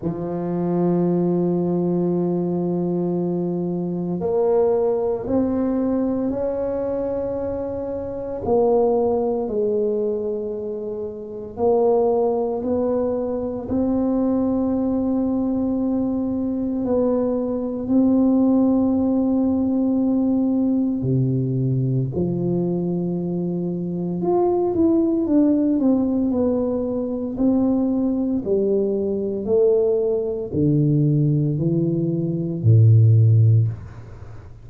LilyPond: \new Staff \with { instrumentName = "tuba" } { \time 4/4 \tempo 4 = 57 f1 | ais4 c'4 cis'2 | ais4 gis2 ais4 | b4 c'2. |
b4 c'2. | c4 f2 f'8 e'8 | d'8 c'8 b4 c'4 g4 | a4 d4 e4 a,4 | }